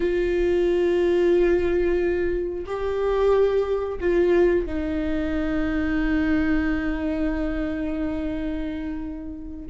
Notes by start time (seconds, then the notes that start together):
0.00 F4
2.65 G4
4.00 F4
4.65 D#4